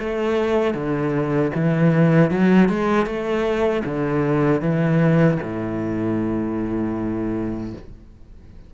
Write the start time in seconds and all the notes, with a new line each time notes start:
0.00 A3
0.75 D3
1.55 E3
2.31 F#3
2.69 G#3
3.06 A3
3.85 D3
4.62 E3
5.43 A2